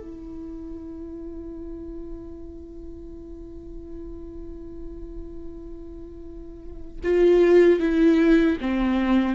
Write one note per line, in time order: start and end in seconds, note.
0.00 7.01 E4
7.04 7.80 F4
7.80 8.58 E4
8.61 9.35 C4